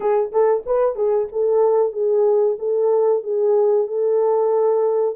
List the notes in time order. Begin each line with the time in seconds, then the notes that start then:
0.00 G#4
0.31 A4
0.66 B4
0.95 G#4
1.31 A4
1.92 G#4
2.58 A4
3.23 G#4
3.87 A4